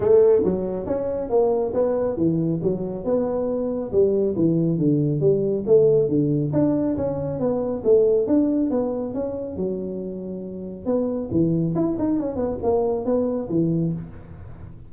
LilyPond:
\new Staff \with { instrumentName = "tuba" } { \time 4/4 \tempo 4 = 138 a4 fis4 cis'4 ais4 | b4 e4 fis4 b4~ | b4 g4 e4 d4 | g4 a4 d4 d'4 |
cis'4 b4 a4 d'4 | b4 cis'4 fis2~ | fis4 b4 e4 e'8 dis'8 | cis'8 b8 ais4 b4 e4 | }